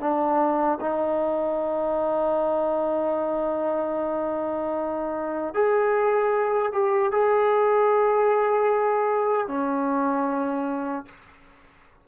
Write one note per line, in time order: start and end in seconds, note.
0.00 0.79 D4
0.81 5.54 D#4
5.54 6.73 G#4
6.73 7.12 G4
7.12 9.48 G#4
9.48 11.06 C#4